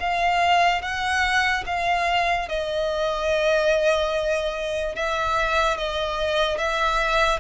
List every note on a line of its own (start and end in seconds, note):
0.00 0.81 F5
0.81 1.64 F#5
1.66 2.48 F5
2.49 4.95 D#5
4.95 5.77 E5
5.77 6.58 D#5
6.58 7.40 E5